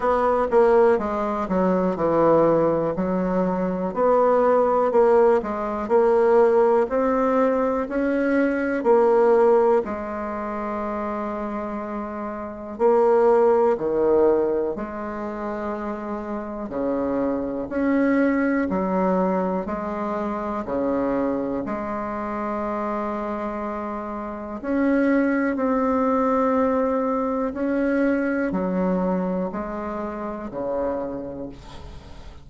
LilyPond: \new Staff \with { instrumentName = "bassoon" } { \time 4/4 \tempo 4 = 61 b8 ais8 gis8 fis8 e4 fis4 | b4 ais8 gis8 ais4 c'4 | cis'4 ais4 gis2~ | gis4 ais4 dis4 gis4~ |
gis4 cis4 cis'4 fis4 | gis4 cis4 gis2~ | gis4 cis'4 c'2 | cis'4 fis4 gis4 cis4 | }